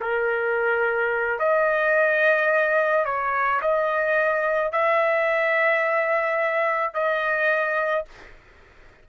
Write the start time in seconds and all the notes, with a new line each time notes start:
0.00 A#4
1.39 D#5
3.05 C#5
3.61 D#5
4.72 E5
6.94 D#5